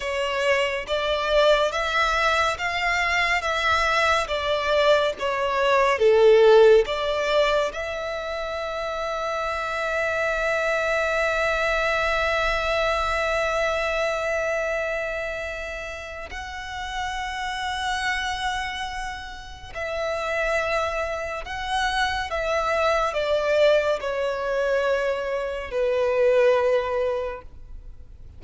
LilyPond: \new Staff \with { instrumentName = "violin" } { \time 4/4 \tempo 4 = 70 cis''4 d''4 e''4 f''4 | e''4 d''4 cis''4 a'4 | d''4 e''2.~ | e''1~ |
e''2. fis''4~ | fis''2. e''4~ | e''4 fis''4 e''4 d''4 | cis''2 b'2 | }